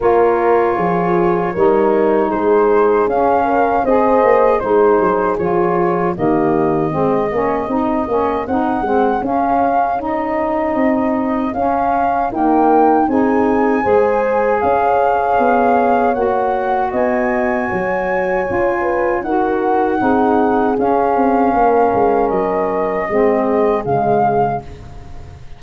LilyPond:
<<
  \new Staff \with { instrumentName = "flute" } { \time 4/4 \tempo 4 = 78 cis''2. c''4 | f''4 dis''4 c''4 cis''4 | dis''2. fis''4 | f''4 dis''2 f''4 |
g''4 gis''2 f''4~ | f''4 fis''4 gis''2~ | gis''4 fis''2 f''4~ | f''4 dis''2 f''4 | }
  \new Staff \with { instrumentName = "horn" } { \time 4/4 ais'4 gis'4 ais'4 gis'4~ | gis'8 ais'8 c''4 gis'2 | g'4 gis'2.~ | gis'1 |
ais'4 gis'4 c''4 cis''4~ | cis''2 dis''4 cis''4~ | cis''8 b'8 ais'4 gis'2 | ais'2 gis'2 | }
  \new Staff \with { instrumentName = "saxophone" } { \time 4/4 f'2 dis'2 | cis'4 gis'4 dis'4 f'4 | ais4 c'8 cis'8 dis'8 cis'8 dis'8 c'8 | cis'4 dis'2 cis'4 |
ais4 dis'4 gis'2~ | gis'4 fis'2. | f'4 fis'4 dis'4 cis'4~ | cis'2 c'4 gis4 | }
  \new Staff \with { instrumentName = "tuba" } { \time 4/4 ais4 f4 g4 gis4 | cis'4 c'8 ais8 gis8 fis8 f4 | dis4 gis8 ais8 c'8 ais8 c'8 gis8 | cis'2 c'4 cis'4 |
dis'4 c'4 gis4 cis'4 | b4 ais4 b4 fis4 | cis'4 dis'4 c'4 cis'8 c'8 | ais8 gis8 fis4 gis4 cis4 | }
>>